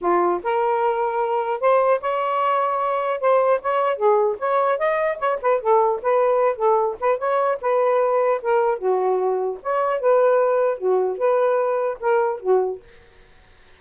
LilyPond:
\new Staff \with { instrumentName = "saxophone" } { \time 4/4 \tempo 4 = 150 f'4 ais'2. | c''4 cis''2. | c''4 cis''4 gis'4 cis''4 | dis''4 cis''8 b'8 a'4 b'4~ |
b'8 a'4 b'8 cis''4 b'4~ | b'4 ais'4 fis'2 | cis''4 b'2 fis'4 | b'2 ais'4 fis'4 | }